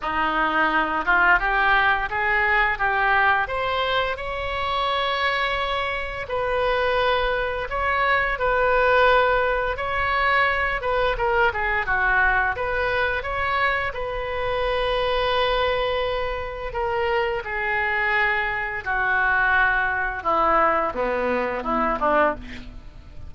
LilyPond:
\new Staff \with { instrumentName = "oboe" } { \time 4/4 \tempo 4 = 86 dis'4. f'8 g'4 gis'4 | g'4 c''4 cis''2~ | cis''4 b'2 cis''4 | b'2 cis''4. b'8 |
ais'8 gis'8 fis'4 b'4 cis''4 | b'1 | ais'4 gis'2 fis'4~ | fis'4 e'4 b4 e'8 d'8 | }